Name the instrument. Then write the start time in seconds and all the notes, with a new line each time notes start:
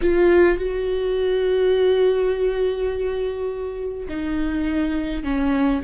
viola
0.01 F4
0.58 F#4
4.08 D#4
5.23 C#4